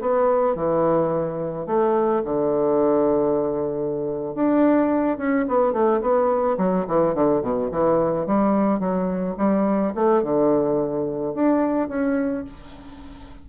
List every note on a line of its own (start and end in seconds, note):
0.00 0.55 B3
0.55 1.66 E3
1.66 2.22 A3
2.24 4.34 D3
4.35 5.17 D4
5.17 5.45 C#4
5.47 5.72 B3
5.72 6.00 A3
6.01 6.57 B3
6.57 6.85 F#3
6.87 7.14 E3
7.14 7.41 D3
7.41 7.69 B2
7.71 8.26 E3
8.26 8.79 G3
8.79 9.35 F#3
9.37 9.93 G3
9.95 10.22 A3
10.22 11.34 D3
11.34 11.88 D4
11.88 12.44 C#4